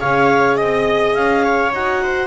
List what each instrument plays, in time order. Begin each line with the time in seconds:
0.00 double bass C#4, horn G#4, viola C#5, clarinet F5
0.57 double bass C4, clarinet D#5, viola D#5
1.14 double bass C#4, clarinet F5
1.44 viola C#5
1.72 double bass D#4, horn F#4, clarinet F#5
2.03 viola C5